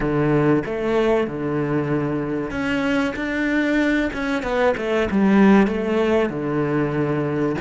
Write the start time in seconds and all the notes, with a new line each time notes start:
0.00 D3
0.65 A3
1.27 D3
2.51 C#4
3.16 D4
4.13 C#4
4.42 B3
4.77 A3
5.10 G3
5.67 A3
6.29 D3